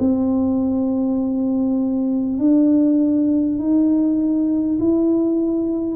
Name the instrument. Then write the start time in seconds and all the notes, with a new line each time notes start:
tuba
0.00 C4
2.39 D4
3.59 D#4
4.79 E4